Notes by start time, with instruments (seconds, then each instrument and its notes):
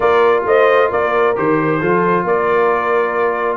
0.00 tuba A#3, trombone F4, horn A#4, trumpet D5
0.44 tuba A3, horn C5, trumpet D#5
0.89 tuba A#3, horn A#4, trumpet D5
1.35 tuba D#3, trombone G4, trumpet C5
1.79 tuba F3, trombone F4, horn A4
2.24 tuba A#3, horn A#4, trumpet D5